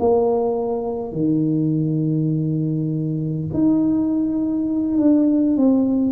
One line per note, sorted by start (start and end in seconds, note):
0.00 1.13 A#3
1.13 3.48 D#3
3.54 4.98 D#4
4.98 5.57 D4
5.57 6.12 C4